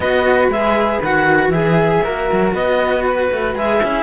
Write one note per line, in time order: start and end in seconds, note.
0.00 0.48 B3
0.00 0.51 F#4
0.00 1.52 B4
0.00 0.49 D#5
0.48 0.99 G#3
0.48 1.02 G#4
0.48 1.02 E5
1.02 1.48 D#3
1.02 1.53 F#4
1.02 1.50 F#5
1.48 1.99 E3
1.48 2.04 G#4
1.48 2.03 G#4
1.48 2.51 E5
2.03 2.30 A#3
2.03 3.55 F#4
2.03 2.54 A#4
2.32 2.53 F#3
2.53 3.29 B3
2.53 3.80 B4
2.53 3.05 D#5
3.05 3.56 B4
3.31 3.55 A3
3.55 3.80 G#3
3.55 3.80 G#4
3.55 4.03 E5
3.80 4.03 C#4
3.80 4.03 E4
3.80 4.03 G#4